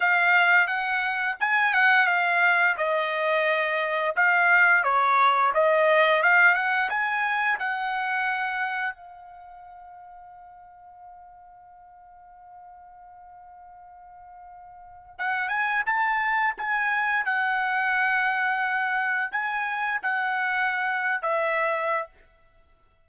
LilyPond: \new Staff \with { instrumentName = "trumpet" } { \time 4/4 \tempo 4 = 87 f''4 fis''4 gis''8 fis''8 f''4 | dis''2 f''4 cis''4 | dis''4 f''8 fis''8 gis''4 fis''4~ | fis''4 f''2.~ |
f''1~ | f''2 fis''8 gis''8 a''4 | gis''4 fis''2. | gis''4 fis''4.~ fis''16 e''4~ e''16 | }